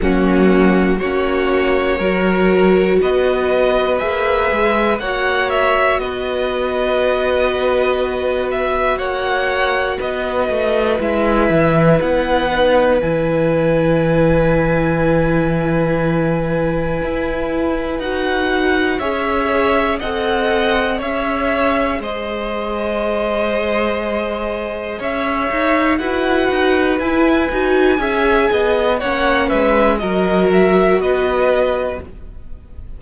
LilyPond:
<<
  \new Staff \with { instrumentName = "violin" } { \time 4/4 \tempo 4 = 60 fis'4 cis''2 dis''4 | e''4 fis''8 e''8 dis''2~ | dis''8 e''8 fis''4 dis''4 e''4 | fis''4 gis''2.~ |
gis''2 fis''4 e''4 | fis''4 e''4 dis''2~ | dis''4 e''4 fis''4 gis''4~ | gis''4 fis''8 e''8 dis''8 e''8 dis''4 | }
  \new Staff \with { instrumentName = "violin" } { \time 4/4 cis'4 fis'4 ais'4 b'4~ | b'4 cis''4 b'2~ | b'4 cis''4 b'2~ | b'1~ |
b'2. cis''4 | dis''4 cis''4 c''2~ | c''4 cis''4 b'2 | e''8 dis''8 cis''8 b'8 ais'4 b'4 | }
  \new Staff \with { instrumentName = "viola" } { \time 4/4 ais4 cis'4 fis'2 | gis'4 fis'2.~ | fis'2. e'4~ | e'8 dis'8 e'2.~ |
e'2 fis'4 gis'4 | a'4 gis'2.~ | gis'2 fis'4 e'8 fis'8 | gis'4 cis'4 fis'2 | }
  \new Staff \with { instrumentName = "cello" } { \time 4/4 fis4 ais4 fis4 b4 | ais8 gis8 ais4 b2~ | b4 ais4 b8 a8 gis8 e8 | b4 e2.~ |
e4 e'4 dis'4 cis'4 | c'4 cis'4 gis2~ | gis4 cis'8 dis'8 e'8 dis'8 e'8 dis'8 | cis'8 b8 ais8 gis8 fis4 b4 | }
>>